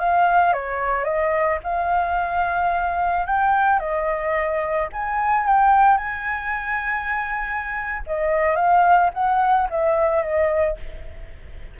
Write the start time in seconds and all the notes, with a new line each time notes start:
0.00 F5
0.53 C#5
1.05 D#5
1.64 F5
3.27 G5
3.80 D#5
4.93 G#5
5.47 G5
5.98 G#5
8.07 D#5
8.56 F5
9.14 F#5
9.70 E5
10.23 D#5